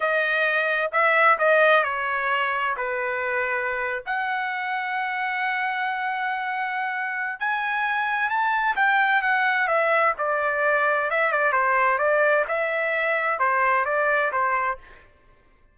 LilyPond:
\new Staff \with { instrumentName = "trumpet" } { \time 4/4 \tempo 4 = 130 dis''2 e''4 dis''4 | cis''2 b'2~ | b'8. fis''2.~ fis''16~ | fis''1 |
gis''2 a''4 g''4 | fis''4 e''4 d''2 | e''8 d''8 c''4 d''4 e''4~ | e''4 c''4 d''4 c''4 | }